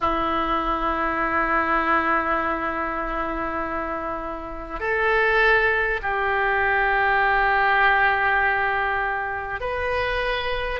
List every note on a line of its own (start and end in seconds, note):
0.00 4.80 E4
4.80 6.00 A4
6.02 9.60 G4
9.60 10.79 B4